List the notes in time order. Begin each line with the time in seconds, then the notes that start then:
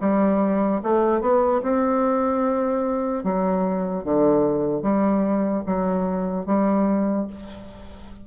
0.00 G3
0.83 A3
1.21 B3
1.62 C4
3.24 F#3
4.04 D3
4.82 G3
5.66 F#3
6.46 G3